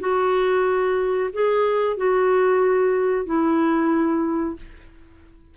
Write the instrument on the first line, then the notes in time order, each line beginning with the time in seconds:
clarinet
0.00 F#4
1.33 G#4
1.97 F#4
3.26 E4